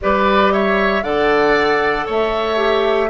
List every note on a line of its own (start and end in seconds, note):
0.01 1.03 G3
0.01 1.03 G4
0.01 0.53 B4
0.01 0.52 D5
0.52 1.03 C#5
0.52 1.03 E5
1.03 2.06 D3
1.03 2.56 A4
1.03 2.06 D5
1.03 2.06 F#5
2.06 3.09 A3
2.06 3.09 C#5
2.06 3.09 E5
2.56 3.08 G4